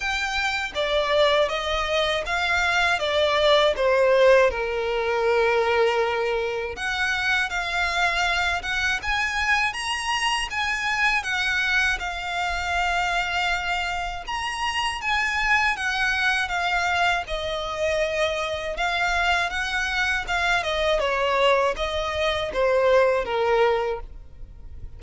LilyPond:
\new Staff \with { instrumentName = "violin" } { \time 4/4 \tempo 4 = 80 g''4 d''4 dis''4 f''4 | d''4 c''4 ais'2~ | ais'4 fis''4 f''4. fis''8 | gis''4 ais''4 gis''4 fis''4 |
f''2. ais''4 | gis''4 fis''4 f''4 dis''4~ | dis''4 f''4 fis''4 f''8 dis''8 | cis''4 dis''4 c''4 ais'4 | }